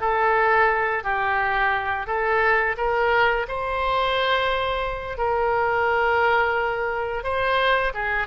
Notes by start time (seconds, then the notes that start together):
0.00 A4
1.03 G4
2.07 A4
2.77 A#4
3.48 C5
5.17 A#4
7.24 C5
7.94 G#4